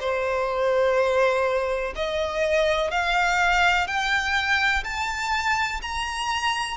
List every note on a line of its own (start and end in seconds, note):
0.00 1.94 C5
1.95 2.90 D#5
2.90 3.87 F5
3.87 4.83 G5
4.84 5.81 A5
5.82 6.77 A#5